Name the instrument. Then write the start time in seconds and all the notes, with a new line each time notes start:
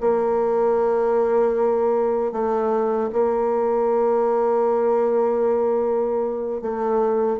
bassoon
0.00 A#3
2.32 A3
3.12 A#3
6.62 A3